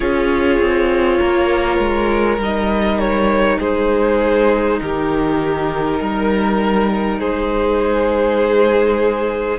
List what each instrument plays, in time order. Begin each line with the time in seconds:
0.00 cello C#4, viola F4, violin G#4 C#5
0.58 cello C4
1.19 cello A#3, violin A#4
1.78 cello G#3
2.37 cello G3, viola D#4, violin D#5
2.99 violin C#5
3.59 cello G#3, violin G#4 C5
4.80 cello D#3, violin G4 A#4
6.00 cello G3, violin A#4
7.19 cello G#3, violin G#4 C5